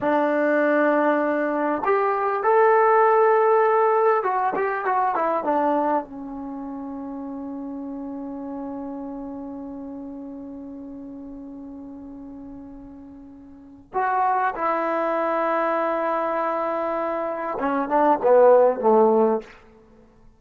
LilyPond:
\new Staff \with { instrumentName = "trombone" } { \time 4/4 \tempo 4 = 99 d'2. g'4 | a'2. fis'8 g'8 | fis'8 e'8 d'4 cis'2~ | cis'1~ |
cis'1~ | cis'2. fis'4 | e'1~ | e'4 cis'8 d'8 b4 a4 | }